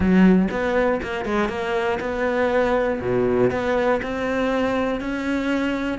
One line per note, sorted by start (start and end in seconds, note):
0.00 0.48 F#3
0.50 1.00 B3
1.02 1.25 A#3
1.25 1.49 G#3
1.49 1.99 A#3
2.00 3.00 B3
3.00 3.50 B2
3.50 4.00 B3
4.02 5.00 C4
5.00 5.98 C#4